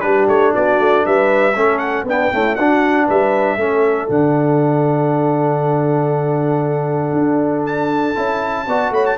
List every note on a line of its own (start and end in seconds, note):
0.00 0.27 G3
0.00 1.53 D4
0.00 0.53 G4
0.00 0.25 B4
0.27 0.53 A3
0.27 0.53 C#5
0.54 0.79 B3
0.54 1.05 F#4
0.54 1.05 D5
0.79 1.05 A3
1.05 1.55 G3
1.05 1.54 B4
1.05 1.78 E5
1.54 2.03 A3
1.54 2.06 C#4
1.54 2.05 A4
1.78 2.03 F#5
2.03 2.28 B3
2.03 2.32 B3
2.03 2.32 D4
2.03 2.55 G5
2.32 2.58 A3
2.32 2.57 C#4
2.32 2.54 E4
2.54 3.08 D4
2.54 3.58 D4
2.54 3.05 F#4
2.54 3.06 F#5
3.06 3.56 G3
3.06 3.57 B4
3.06 4.10 E5
3.56 4.07 A3
3.56 4.09 C#4
3.56 8.66 A4
4.09 7.12 D3
4.09 8.15 D4
4.09 7.65 F#5
7.12 8.14 D4
7.65 8.92 A5
8.15 8.67 C#4
8.15 8.66 E4
8.67 8.90 B3
8.67 9.17 F#4
8.67 8.92 D5
8.90 9.16 A3
8.90 9.17 C#5
8.90 9.06 B5
9.06 9.17 A5